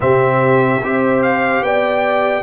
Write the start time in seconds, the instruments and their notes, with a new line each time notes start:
0.00 tuba C3, trombone C4, horn G4, trumpet E5
0.82 tuba C4, trombone G4, horn C5
1.22 trumpet F5
1.60 tuba B3, horn D5, trumpet G5